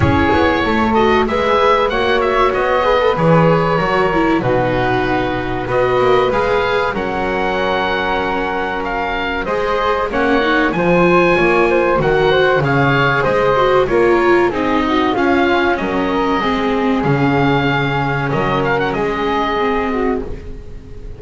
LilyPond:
<<
  \new Staff \with { instrumentName = "oboe" } { \time 4/4 \tempo 4 = 95 cis''4. dis''8 e''4 fis''8 e''8 | dis''4 cis''2 b'4~ | b'4 dis''4 f''4 fis''4~ | fis''2 f''4 dis''4 |
fis''4 gis''2 fis''4 | f''4 dis''4 cis''4 dis''4 | f''4 dis''2 f''4~ | f''4 dis''8 f''16 fis''16 dis''2 | }
  \new Staff \with { instrumentName = "flute" } { \time 4/4 gis'4 a'4 b'4 cis''4~ | cis''8 b'4. ais'4 fis'4~ | fis'4 b'2 ais'4~ | ais'2. c''4 |
cis''4 c''4 cis''8 c''8 ais'8 c''8 | cis''4 c''4 ais'4 gis'8 fis'8 | f'4 ais'4 gis'2~ | gis'4 ais'4 gis'4. fis'8 | }
  \new Staff \with { instrumentName = "viola" } { \time 4/4 e'4. fis'8 gis'4 fis'4~ | fis'8 gis'16 a'16 gis'4 fis'8 e'8 dis'4~ | dis'4 fis'4 gis'4 cis'4~ | cis'2. gis'4 |
cis'8 dis'8 f'2 fis'4 | gis'4. fis'8 f'4 dis'4 | cis'2 c'4 cis'4~ | cis'2. c'4 | }
  \new Staff \with { instrumentName = "double bass" } { \time 4/4 cis'8 b8 a4 gis4 ais4 | b4 e4 fis4 b,4~ | b,4 b8 ais8 gis4 fis4~ | fis2. gis4 |
ais4 f4 ais4 dis4 | cis4 gis4 ais4 c'4 | cis'4 fis4 gis4 cis4~ | cis4 fis4 gis2 | }
>>